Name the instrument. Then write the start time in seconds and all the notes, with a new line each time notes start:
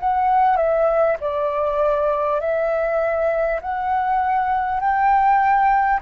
flute
0.00 F#5
0.57 E5
1.20 D5
2.40 E5
3.62 F#5
4.80 G5